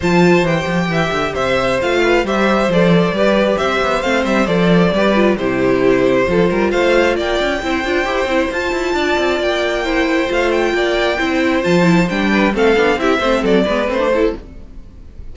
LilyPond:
<<
  \new Staff \with { instrumentName = "violin" } { \time 4/4 \tempo 4 = 134 a''4 g''2 e''4 | f''4 e''4 d''2 | e''4 f''8 e''8 d''2 | c''2. f''4 |
g''2. a''4~ | a''4 g''2 f''8 g''8~ | g''2 a''4 g''4 | f''4 e''4 d''4 c''4 | }
  \new Staff \with { instrumentName = "violin" } { \time 4/4 c''2 e''4 c''4~ | c''8 b'8 c''2 b'4 | c''2. b'4 | g'2 a'8 ais'8 c''4 |
d''4 c''2. | d''2 c''2 | d''4 c''2~ c''8 b'8 | a'4 g'8 c''8 a'8 b'4 a'8 | }
  \new Staff \with { instrumentName = "viola" } { \time 4/4 f'4 g'2. | f'4 g'4 a'4 g'4~ | g'4 c'4 a'4 g'8 f'8 | e'2 f'2~ |
f'4 e'8 f'8 g'8 e'8 f'4~ | f'2 e'4 f'4~ | f'4 e'4 f'8 e'8 d'4 | c'8 d'8 e'8 c'4 b8 c'16 d'16 e'8 | }
  \new Staff \with { instrumentName = "cello" } { \time 4/4 f4 e8 f8 e8 d8 c4 | a4 g4 f4 g4 | c'8 b8 a8 g8 f4 g4 | c2 f8 g8 a4 |
ais8 cis'8 c'8 d'8 e'8 c'8 f'8 e'8 | d'8 c'8 ais2 a4 | ais4 c'4 f4 g4 | a8 b8 c'8 a8 fis8 gis8 a4 | }
>>